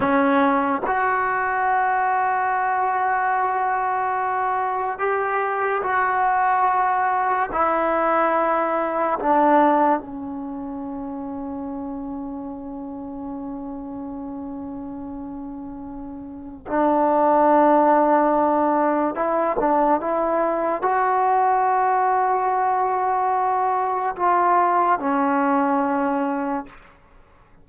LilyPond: \new Staff \with { instrumentName = "trombone" } { \time 4/4 \tempo 4 = 72 cis'4 fis'2.~ | fis'2 g'4 fis'4~ | fis'4 e'2 d'4 | cis'1~ |
cis'1 | d'2. e'8 d'8 | e'4 fis'2.~ | fis'4 f'4 cis'2 | }